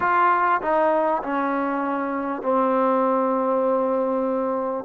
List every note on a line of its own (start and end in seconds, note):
0.00 0.61 F4
0.61 1.22 D#4
1.23 2.42 C#4
2.42 4.85 C4